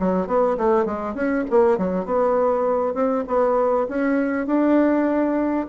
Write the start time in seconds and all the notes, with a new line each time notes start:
0.00 F#3
0.28 B3
0.58 A3
0.86 G#3
1.15 C#4
1.51 A#3
1.78 F#3
2.06 B3
2.95 C4
3.28 B3
3.89 C#4
4.47 D4